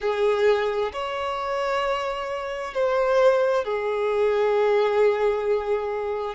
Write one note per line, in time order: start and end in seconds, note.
0.00 0.91 G#4
0.93 2.74 C#5
2.74 3.64 C5
3.64 6.34 G#4